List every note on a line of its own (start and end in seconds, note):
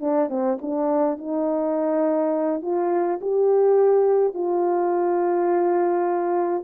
0.00 0.29 D4
0.29 0.58 C4
0.61 1.18 D4
1.18 2.61 D#4
2.61 3.19 F4
3.21 4.33 G4
4.33 6.63 F4